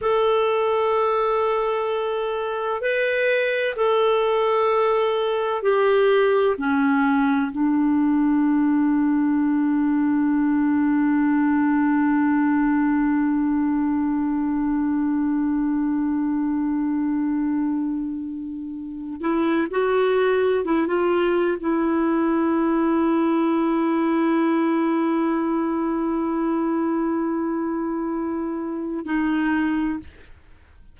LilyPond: \new Staff \with { instrumentName = "clarinet" } { \time 4/4 \tempo 4 = 64 a'2. b'4 | a'2 g'4 cis'4 | d'1~ | d'1~ |
d'1~ | d'8 e'8 fis'4 e'16 f'8. e'4~ | e'1~ | e'2. dis'4 | }